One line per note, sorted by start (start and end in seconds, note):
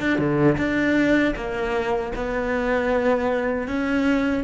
0.00 0.18 D4
0.18 0.57 D3
0.57 1.34 D4
1.35 2.12 A#3
2.15 3.67 B3
3.67 4.44 C#4